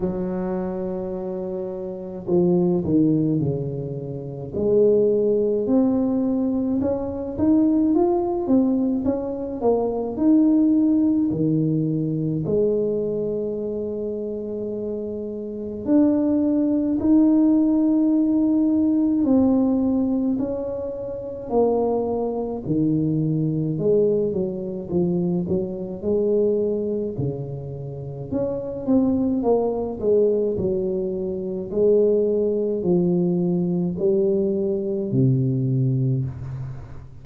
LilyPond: \new Staff \with { instrumentName = "tuba" } { \time 4/4 \tempo 4 = 53 fis2 f8 dis8 cis4 | gis4 c'4 cis'8 dis'8 f'8 c'8 | cis'8 ais8 dis'4 dis4 gis4~ | gis2 d'4 dis'4~ |
dis'4 c'4 cis'4 ais4 | dis4 gis8 fis8 f8 fis8 gis4 | cis4 cis'8 c'8 ais8 gis8 fis4 | gis4 f4 g4 c4 | }